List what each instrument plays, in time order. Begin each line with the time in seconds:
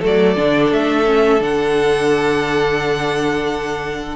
0.00 cello F#3, viola A3, violin A4
0.06 violin D5
0.36 cello D3, viola D4
0.72 cello A3, violin E5
1.05 viola C#4
1.39 cello D3, viola D4, violin F#5